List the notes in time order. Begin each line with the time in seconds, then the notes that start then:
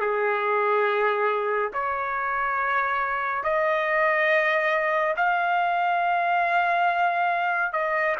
0.00 G#4
1.73 C#5
3.43 D#5
5.16 F5
7.73 D#5